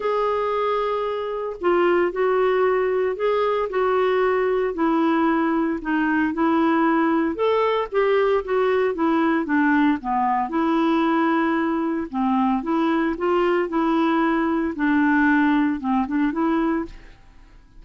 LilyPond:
\new Staff \with { instrumentName = "clarinet" } { \time 4/4 \tempo 4 = 114 gis'2. f'4 | fis'2 gis'4 fis'4~ | fis'4 e'2 dis'4 | e'2 a'4 g'4 |
fis'4 e'4 d'4 b4 | e'2. c'4 | e'4 f'4 e'2 | d'2 c'8 d'8 e'4 | }